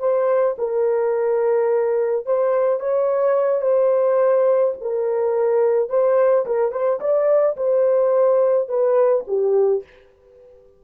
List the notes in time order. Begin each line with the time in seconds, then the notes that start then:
0.00 C5
0.59 A#4
2.26 C5
2.80 C#5
3.62 C5
4.81 A#4
5.90 C5
6.46 A#4
6.72 C5
7.01 D5
7.57 C5
8.69 B4
9.28 G4